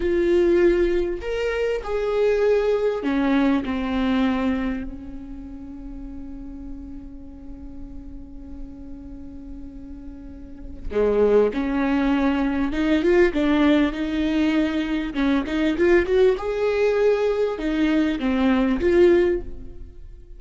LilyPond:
\new Staff \with { instrumentName = "viola" } { \time 4/4 \tempo 4 = 99 f'2 ais'4 gis'4~ | gis'4 cis'4 c'2 | cis'1~ | cis'1~ |
cis'2 gis4 cis'4~ | cis'4 dis'8 f'8 d'4 dis'4~ | dis'4 cis'8 dis'8 f'8 fis'8 gis'4~ | gis'4 dis'4 c'4 f'4 | }